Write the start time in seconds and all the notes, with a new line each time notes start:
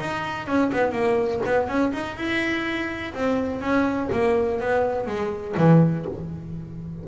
0.00 D#4
0.47 C#4
0.73 B3
0.92 A#3
1.46 B3
1.68 C#4
1.93 D#4
2.17 E4
3.15 C4
3.61 C#4
4.12 A#3
4.61 B3
5.07 G#3
5.58 E3